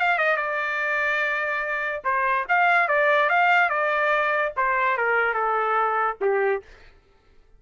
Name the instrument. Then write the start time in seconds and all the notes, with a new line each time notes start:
trumpet
0.00 F5
0.19 D#5
0.37 D5
2.05 C5
2.49 F5
2.88 D5
3.30 F5
3.70 D5
4.57 C5
4.98 A#4
5.34 A4
6.21 G4